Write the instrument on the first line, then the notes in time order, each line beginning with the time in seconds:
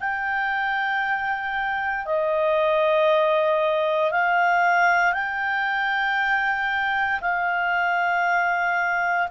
clarinet
0.00 G5
2.05 D#5
4.11 F5
5.13 G5
7.21 F5